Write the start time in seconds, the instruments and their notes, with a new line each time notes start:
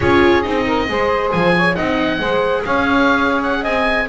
0.00 double bass C#4, viola F4, saxophone G#4, oboe C#5
0.42 double bass C4, viola D#4, oboe D#5
0.66 saxophone A#4
0.88 double bass G#3, viola G#4, saxophone C5
1.31 double bass F3, oboe G#5
1.55 saxophone C#5
1.75 double bass C4, viola D#4, saxophone D#5, oboe F#5
2.19 double bass G#3, viola G#4, saxophone C5
2.65 double bass C#4, saxophone C#5, oboe F5
3.43 oboe F#5
3.61 double bass C4, saxophone D#5, oboe G#5